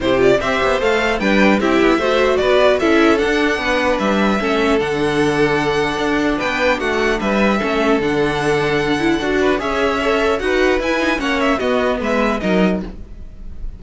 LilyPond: <<
  \new Staff \with { instrumentName = "violin" } { \time 4/4 \tempo 4 = 150 c''8 d''8 e''4 f''4 g''4 | e''2 d''4 e''4 | fis''2 e''2 | fis''1 |
g''4 fis''4 e''2 | fis''1 | e''2 fis''4 gis''4 | fis''8 e''8 dis''4 e''4 dis''4 | }
  \new Staff \with { instrumentName = "violin" } { \time 4/4 g'4 c''2 b'4 | g'4 c''4 b'4 a'4~ | a'4 b'2 a'4~ | a'1 |
b'4 fis'4 b'4 a'4~ | a'2.~ a'8 b'8 | cis''2 b'2 | cis''4 fis'4 b'4 ais'4 | }
  \new Staff \with { instrumentName = "viola" } { \time 4/4 e'8 f'8 g'4 a'4 d'4 | e'4 fis'2 e'4 | d'2. cis'4 | d'1~ |
d'2. cis'4 | d'2~ d'8 e'8 fis'4 | gis'4 a'4 fis'4 e'8 dis'8 | cis'4 b2 dis'4 | }
  \new Staff \with { instrumentName = "cello" } { \time 4/4 c4 c'8 b8 a4 g4 | c'8 b8 a4 b4 cis'4 | d'4 b4 g4 a4 | d2. d'4 |
b4 a4 g4 a4 | d2. d'4 | cis'2 dis'4 e'4 | ais4 b4 gis4 fis4 | }
>>